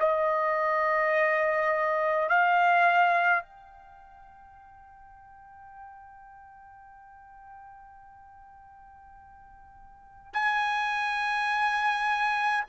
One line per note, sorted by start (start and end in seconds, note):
0.00 2.29 D#5
2.29 3.44 F5
3.44 10.34 G5
10.34 12.65 G#5